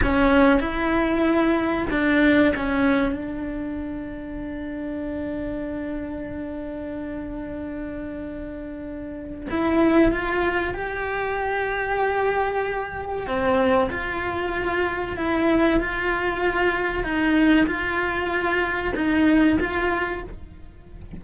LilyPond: \new Staff \with { instrumentName = "cello" } { \time 4/4 \tempo 4 = 95 cis'4 e'2 d'4 | cis'4 d'2.~ | d'1~ | d'2. e'4 |
f'4 g'2.~ | g'4 c'4 f'2 | e'4 f'2 dis'4 | f'2 dis'4 f'4 | }